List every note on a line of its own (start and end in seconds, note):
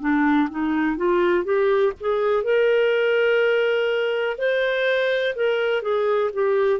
0.00 0.48 D4
0.50 0.96 D#4
0.96 1.44 F4
1.44 1.93 G4
2.00 2.43 G#4
2.43 4.37 A#4
4.38 5.34 C5
5.35 5.82 A#4
5.82 6.30 G#4
6.33 6.80 G4